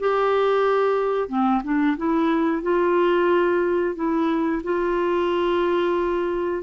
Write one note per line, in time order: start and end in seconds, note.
0.00 1.29 G4
1.29 1.62 C4
1.64 1.97 D4
1.97 2.63 E4
2.63 3.95 F4
3.95 4.62 E4
4.64 6.63 F4